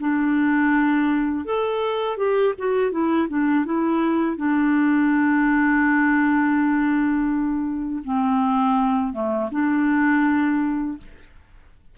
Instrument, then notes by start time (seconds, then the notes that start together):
clarinet
0.00 D4
1.46 A4
2.18 G4
2.59 F#4
2.92 E4
3.29 D4
3.65 E4
4.37 D4
8.05 C4
9.13 A3
9.52 D4